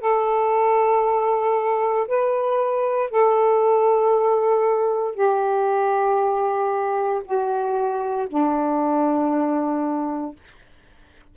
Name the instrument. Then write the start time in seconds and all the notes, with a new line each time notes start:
saxophone
0.00 A4
2.07 B4
3.10 A4
5.14 G4
7.24 F#4
8.29 D4